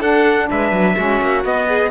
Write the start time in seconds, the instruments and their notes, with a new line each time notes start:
0.00 cello D4, saxophone D4, violin A4, trumpet F#5
0.51 cello G#3, violin B4, trumpet E5
0.72 cello F#3
0.96 cello G#3, saxophone C#4, violin F#4
1.21 cello A#3
1.45 saxophone B3, cello B3, trumpet D#5
1.68 violin G#4